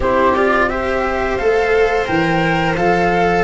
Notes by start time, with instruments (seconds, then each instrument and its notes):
0.00 tuba C4, cello E4, viola G4, flute C5
0.35 cello F4, flute D5
0.69 cello G4, viola C5, flute E5
1.37 tuba A3, cello A4, flute F5
2.05 tuba E3, cello A#4, flute G5
2.76 tuba F3, cello A4, flute F5